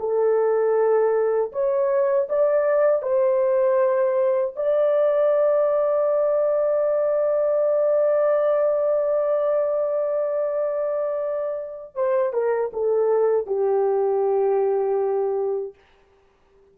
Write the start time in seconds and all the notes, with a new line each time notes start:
0.00 A4
1.53 C#5
2.29 D5
3.02 C5
4.56 D5
11.95 C5
12.33 A#4
12.73 A4
13.47 G4